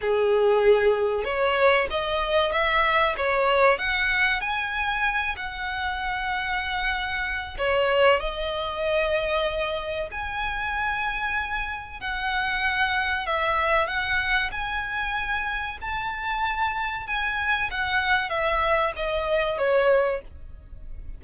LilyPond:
\new Staff \with { instrumentName = "violin" } { \time 4/4 \tempo 4 = 95 gis'2 cis''4 dis''4 | e''4 cis''4 fis''4 gis''4~ | gis''8 fis''2.~ fis''8 | cis''4 dis''2. |
gis''2. fis''4~ | fis''4 e''4 fis''4 gis''4~ | gis''4 a''2 gis''4 | fis''4 e''4 dis''4 cis''4 | }